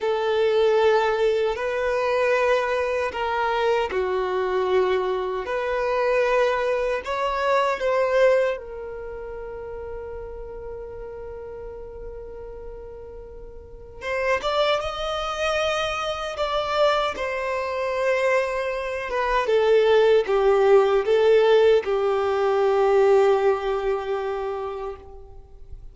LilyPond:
\new Staff \with { instrumentName = "violin" } { \time 4/4 \tempo 4 = 77 a'2 b'2 | ais'4 fis'2 b'4~ | b'4 cis''4 c''4 ais'4~ | ais'1~ |
ais'2 c''8 d''8 dis''4~ | dis''4 d''4 c''2~ | c''8 b'8 a'4 g'4 a'4 | g'1 | }